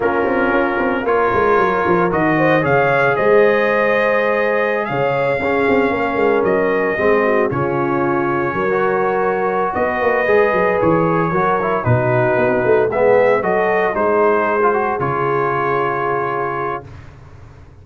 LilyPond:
<<
  \new Staff \with { instrumentName = "trumpet" } { \time 4/4 \tempo 4 = 114 ais'2 cis''2 | dis''4 f''4 dis''2~ | dis''4~ dis''16 f''2~ f''8.~ | f''16 dis''2 cis''4.~ cis''16~ |
cis''2~ cis''8 dis''4.~ | dis''8 cis''2 b'4.~ | b'8 e''4 dis''4 c''4.~ | c''8 cis''2.~ cis''8 | }
  \new Staff \with { instrumentName = "horn" } { \time 4/4 f'2 ais'2~ | ais'8 c''8 cis''4 c''2~ | c''4~ c''16 cis''4 gis'4 ais'8.~ | ais'4~ ais'16 gis'8 fis'8 f'4.~ f'16~ |
f'16 ais'2~ ais'16 b'4.~ | b'4. ais'4 fis'4.~ | fis'8 gis'4 a'4 gis'4.~ | gis'1 | }
  \new Staff \with { instrumentName = "trombone" } { \time 4/4 cis'2 f'2 | fis'4 gis'2.~ | gis'2~ gis'16 cis'4.~ cis'16~ | cis'4~ cis'16 c'4 cis'4.~ cis'16~ |
cis'8 fis'2. gis'8~ | gis'4. fis'8 e'8 dis'4.~ | dis'8 b4 fis'4 dis'4~ dis'16 f'16 | fis'8 f'2.~ f'8 | }
  \new Staff \with { instrumentName = "tuba" } { \time 4/4 ais8 c'8 cis'8 c'8 ais8 gis8 fis8 f8 | dis4 cis4 gis2~ | gis4~ gis16 cis4 cis'8 c'8 ais8 gis16~ | gis16 fis4 gis4 cis4.~ cis16~ |
cis16 fis2~ fis16 b8 ais8 gis8 | fis8 e4 fis4 b,4 b8 | a8 gis4 fis4 gis4.~ | gis8 cis2.~ cis8 | }
>>